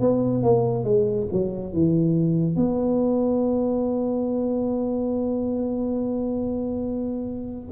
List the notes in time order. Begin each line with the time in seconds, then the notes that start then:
0.00 B3
0.43 A#3
0.84 G#3
1.32 F#3
1.73 E3
2.56 B3